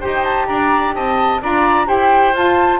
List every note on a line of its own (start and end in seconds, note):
0.00 0.49 D#4
0.00 1.40 G4
0.00 0.47 C5
0.00 0.25 G5
0.25 0.47 A5
0.47 0.95 D4
0.47 0.95 D5
0.47 0.93 A#5
0.95 1.42 C4
0.95 1.42 D#5
0.95 1.42 A5
1.41 1.89 D4
1.41 1.86 F4
1.41 1.88 D5
1.41 1.89 A#5
1.86 2.34 E4
1.86 2.33 G4
1.86 2.80 C5
1.86 2.35 G5
2.34 2.80 F4
2.34 2.80 A5